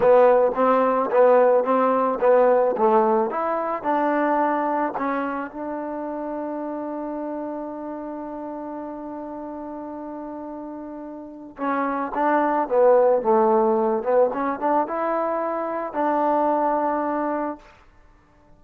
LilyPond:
\new Staff \with { instrumentName = "trombone" } { \time 4/4 \tempo 4 = 109 b4 c'4 b4 c'4 | b4 a4 e'4 d'4~ | d'4 cis'4 d'2~ | d'1~ |
d'1~ | d'4 cis'4 d'4 b4 | a4. b8 cis'8 d'8 e'4~ | e'4 d'2. | }